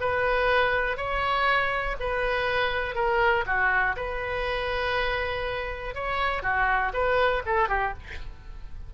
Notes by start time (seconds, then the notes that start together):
0.00 B4
0.97 C#5
1.99 B4
2.95 A#4
3.46 F#4
3.96 B4
5.94 C#5
6.42 F#4
6.93 B4
7.46 A4
7.69 G4